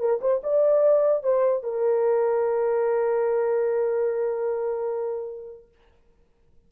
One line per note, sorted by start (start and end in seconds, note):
0.00 0.20 A#4
0.21 0.42 C5
0.43 1.23 D5
1.23 1.63 C5
1.63 5.69 A#4